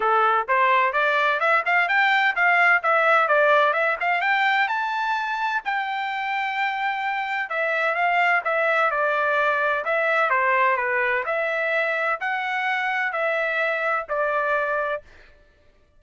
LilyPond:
\new Staff \with { instrumentName = "trumpet" } { \time 4/4 \tempo 4 = 128 a'4 c''4 d''4 e''8 f''8 | g''4 f''4 e''4 d''4 | e''8 f''8 g''4 a''2 | g''1 |
e''4 f''4 e''4 d''4~ | d''4 e''4 c''4 b'4 | e''2 fis''2 | e''2 d''2 | }